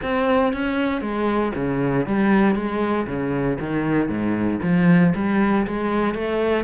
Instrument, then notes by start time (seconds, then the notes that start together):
cello
0.02 C4
0.53 C#4
1.01 G#3
1.55 C#3
2.06 G3
2.55 G#3
3.07 C#3
3.60 D#3
4.08 G#2
4.62 F3
5.15 G3
5.66 G#3
6.14 A3